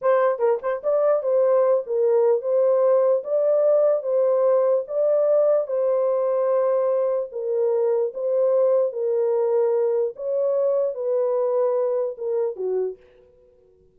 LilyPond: \new Staff \with { instrumentName = "horn" } { \time 4/4 \tempo 4 = 148 c''4 ais'8 c''8 d''4 c''4~ | c''8 ais'4. c''2 | d''2 c''2 | d''2 c''2~ |
c''2 ais'2 | c''2 ais'2~ | ais'4 cis''2 b'4~ | b'2 ais'4 fis'4 | }